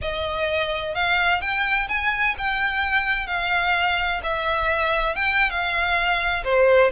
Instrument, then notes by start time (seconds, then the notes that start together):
violin
0.01 D#5
0.94 F5
1.41 G5
1.88 G#5
2.38 G5
3.26 F5
4.23 E5
5.15 G5
5.50 F5
6.44 C5